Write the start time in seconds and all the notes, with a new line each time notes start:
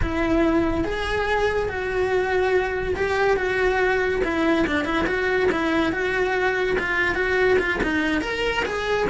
0.02 E4
0.84 G#4
1.68 F#4
2.96 G4
3.36 F#4
4.23 E4
4.66 D4
4.84 E4
5.06 F#4
5.51 E4
5.92 F#4
6.79 F4
7.14 F#4
7.58 F4
7.83 D#4
8.21 A#4
8.65 G#4